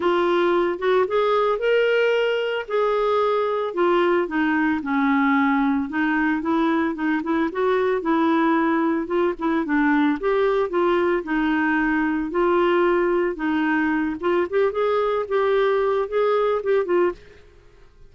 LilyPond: \new Staff \with { instrumentName = "clarinet" } { \time 4/4 \tempo 4 = 112 f'4. fis'8 gis'4 ais'4~ | ais'4 gis'2 f'4 | dis'4 cis'2 dis'4 | e'4 dis'8 e'8 fis'4 e'4~ |
e'4 f'8 e'8 d'4 g'4 | f'4 dis'2 f'4~ | f'4 dis'4. f'8 g'8 gis'8~ | gis'8 g'4. gis'4 g'8 f'8 | }